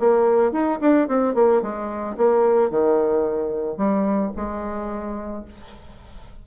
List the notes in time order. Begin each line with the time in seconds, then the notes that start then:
0.00 A#3
0.52 D#4
0.81 D4
1.09 C4
1.35 A#3
1.62 G#3
2.17 A#3
2.71 D#3
3.78 G3
4.36 G#3